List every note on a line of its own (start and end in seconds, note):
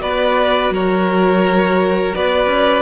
0.00 0.70 B3
0.00 2.82 F#4
0.00 0.73 B4
0.00 0.73 D5
0.70 2.13 F#3
0.70 2.16 A#4
0.70 2.15 C#5
2.15 2.46 B3
2.15 2.82 B4
2.15 2.82 D5
2.46 2.82 C#4